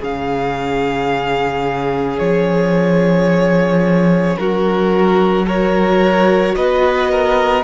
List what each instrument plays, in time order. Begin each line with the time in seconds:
0.00 cello C#3, viola C#4, violin G#4 F5
2.19 cello F3, violin C#5
4.37 cello F#3, violin F#4 A#4
5.46 viola F#4, violin A#4 C#5
6.56 cello B3, violin B4 D#5
7.11 violin A#4